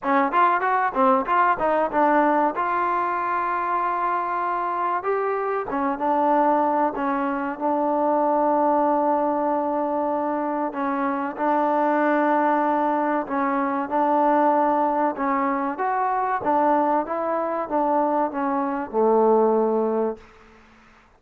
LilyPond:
\new Staff \with { instrumentName = "trombone" } { \time 4/4 \tempo 4 = 95 cis'8 f'8 fis'8 c'8 f'8 dis'8 d'4 | f'1 | g'4 cis'8 d'4. cis'4 | d'1~ |
d'4 cis'4 d'2~ | d'4 cis'4 d'2 | cis'4 fis'4 d'4 e'4 | d'4 cis'4 a2 | }